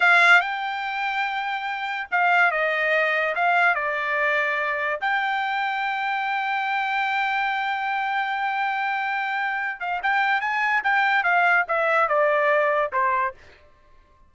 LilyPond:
\new Staff \with { instrumentName = "trumpet" } { \time 4/4 \tempo 4 = 144 f''4 g''2.~ | g''4 f''4 dis''2 | f''4 d''2. | g''1~ |
g''1~ | g''2.~ g''8 f''8 | g''4 gis''4 g''4 f''4 | e''4 d''2 c''4 | }